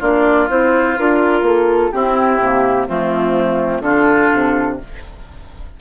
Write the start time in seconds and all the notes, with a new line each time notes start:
0.00 A#3 D4 F4 D5
0.50 C4 E4 C5
0.98 D4 F4 A#4
1.42 A#3 A4
1.92 C4 E4 G4
2.40 C3 A#3
2.87 F3 A3 C4 F4
3.81 D3 D4 F4 A4
4.33 C3